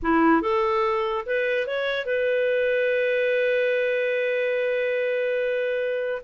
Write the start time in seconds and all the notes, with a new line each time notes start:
0.02 E4
0.41 A4
1.26 B4
1.66 C#5
2.05 B4